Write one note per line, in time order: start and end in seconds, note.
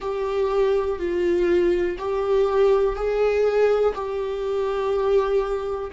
0.00 0.98 G4
0.98 1.97 F4
1.98 2.95 G4
2.95 3.93 G#4
3.94 5.91 G4